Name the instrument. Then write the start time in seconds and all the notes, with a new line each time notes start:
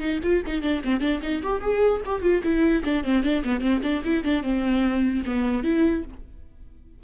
viola
0.00 D#4
0.23 F4
0.47 D#4
0.62 D4
0.84 C4
1.01 D4
1.22 D#4
1.43 G4
1.62 G#4
2.05 G4
2.22 F4
2.44 E4
2.84 D4
3.04 C4
3.23 D4
3.45 B3
3.61 C4
3.83 D4
4.04 E4
4.24 D4
4.43 C4
5.26 B3
5.64 E4